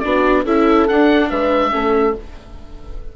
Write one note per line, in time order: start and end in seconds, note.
0.00 0.45 B3
0.00 0.46 D4
0.00 0.44 F#4
0.00 0.43 D5
0.44 0.87 C#4
0.44 0.89 E4
0.44 1.29 A4
0.44 0.88 E5
0.88 1.71 D4
0.88 1.31 D4
0.88 1.30 F#5
1.30 1.73 G#3
1.30 1.72 B4
1.30 2.15 E5
1.71 2.16 A3
1.71 2.14 C#4
1.71 2.15 A4